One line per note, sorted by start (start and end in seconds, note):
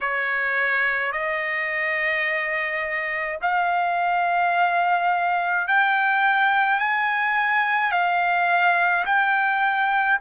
0.01 1.12 C#5
1.12 3.38 D#5
3.41 5.67 F5
5.67 6.79 G5
6.79 7.91 G#5
7.91 9.05 F5
9.05 10.18 G5